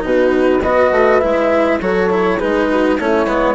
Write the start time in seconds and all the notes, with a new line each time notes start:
0.00 B2 D#4 F#4 B4
0.62 B3 F#4 B4 D#5
0.91 A3
1.20 G#3 E4 E5
1.81 F#3 F#4 A4 C#5
2.10 E4
2.37 D#4 G#4 B4
2.43 G#3
2.70 F#4
2.98 A3 C#4 E4 C#5
3.26 G#3 B3